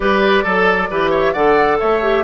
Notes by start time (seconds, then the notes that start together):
0.00 G3 G4 B4 D5
0.43 F#3 A4
0.90 E3 G4 B4
1.10 C#5 E5
1.32 D3 A4 D5 F#5
1.79 A3 C#5 E5
2.02 G4